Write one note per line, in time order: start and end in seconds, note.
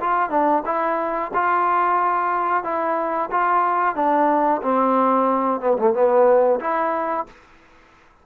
0.00 0.30 F4
0.30 0.63 D4
0.66 1.32 E4
1.34 2.64 F4
2.64 3.30 E4
3.31 3.95 F4
3.95 4.61 D4
4.62 5.61 C4
5.61 5.77 B3
5.78 5.94 A3
5.94 6.60 B3
6.60 7.26 E4